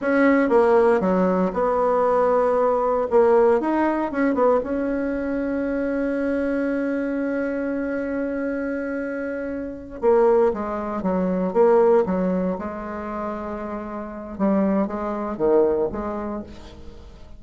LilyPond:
\new Staff \with { instrumentName = "bassoon" } { \time 4/4 \tempo 4 = 117 cis'4 ais4 fis4 b4~ | b2 ais4 dis'4 | cis'8 b8 cis'2.~ | cis'1~ |
cis'2.~ cis'8 ais8~ | ais8 gis4 fis4 ais4 fis8~ | fis8 gis2.~ gis8 | g4 gis4 dis4 gis4 | }